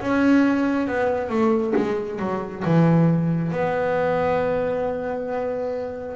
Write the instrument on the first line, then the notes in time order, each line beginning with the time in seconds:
double bass
0.00 C#4
0.87 B3
1.29 A3
1.76 G#3
2.19 F#3
2.65 E3
3.52 B3